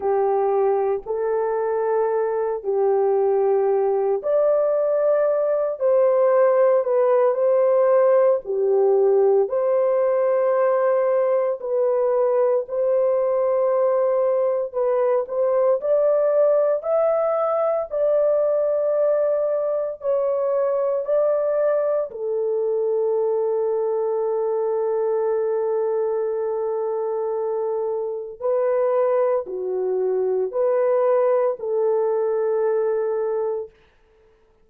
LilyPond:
\new Staff \with { instrumentName = "horn" } { \time 4/4 \tempo 4 = 57 g'4 a'4. g'4. | d''4. c''4 b'8 c''4 | g'4 c''2 b'4 | c''2 b'8 c''8 d''4 |
e''4 d''2 cis''4 | d''4 a'2.~ | a'2. b'4 | fis'4 b'4 a'2 | }